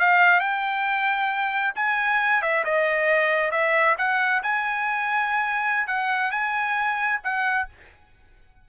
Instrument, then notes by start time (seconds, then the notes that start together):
trumpet
0.00 F5
0.41 G5
1.76 G#5
2.42 E5
2.65 D#5
3.52 E5
3.99 F#5
4.43 G#5
5.88 F#5
6.32 G#5
7.24 F#5